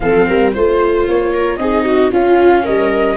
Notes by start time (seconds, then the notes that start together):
0.00 F3 C4 A4 F5
0.28 G3 A#4
0.52 A3 F4 C5
1.08 A#3 C#5
1.32 A#4
1.57 C4 D#4 G#4 D#5
1.84 F#4
2.11 C#4 F4 F5
2.63 G3 A#4 D#5